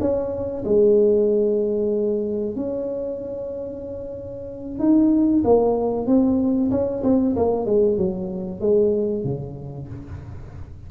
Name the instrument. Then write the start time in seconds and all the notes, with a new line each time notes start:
tuba
0.00 C#4
0.64 G#3
2.56 C#4
4.79 D#4
5.44 A#3
6.06 C4
6.71 C#4
7.03 C4
7.36 A#3
7.65 G#3
7.97 F#3
8.60 G#3
9.24 C#3